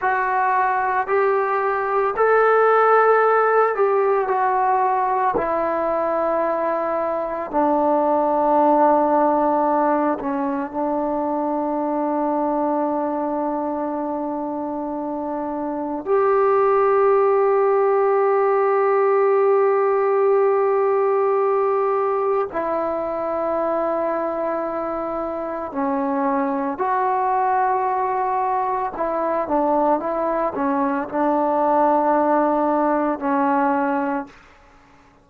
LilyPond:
\new Staff \with { instrumentName = "trombone" } { \time 4/4 \tempo 4 = 56 fis'4 g'4 a'4. g'8 | fis'4 e'2 d'4~ | d'4. cis'8 d'2~ | d'2. g'4~ |
g'1~ | g'4 e'2. | cis'4 fis'2 e'8 d'8 | e'8 cis'8 d'2 cis'4 | }